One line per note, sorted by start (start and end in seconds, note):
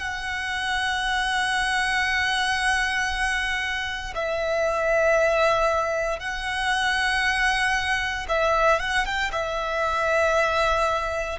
0.00 4.14 F#5
4.15 6.19 E5
6.19 8.26 F#5
8.29 8.79 E5
8.79 9.05 F#5
9.05 9.31 G5
9.32 11.39 E5